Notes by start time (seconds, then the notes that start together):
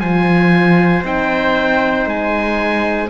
0.00 F3 F4 C5 G#5
1.03 C4 D#4 G5
2.06 G#3 G#5